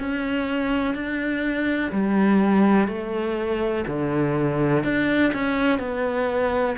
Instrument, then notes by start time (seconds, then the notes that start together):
cello
0.00 C#4
0.95 D4
1.92 G3
2.88 A3
3.87 D3
4.84 D4
5.34 C#4
5.79 B3